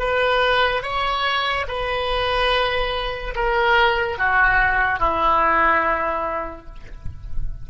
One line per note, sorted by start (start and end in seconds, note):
0.00 0.83 B4
0.83 1.66 C#5
1.68 3.35 B4
3.36 4.19 A#4
4.19 5.00 F#4
5.00 6.67 E4